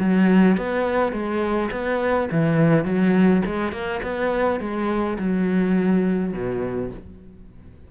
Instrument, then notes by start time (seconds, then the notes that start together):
cello
0.00 F#3
0.57 B3
1.13 G#3
1.72 B3
2.32 E3
2.85 F#3
3.46 G#3
3.72 A#3
4.03 B3
4.60 G#3
5.19 F#3
6.33 B2